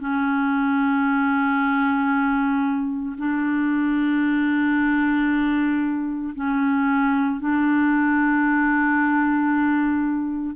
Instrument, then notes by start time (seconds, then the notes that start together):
clarinet
0.00 C#4
3.18 D4
6.35 C#4
7.40 D4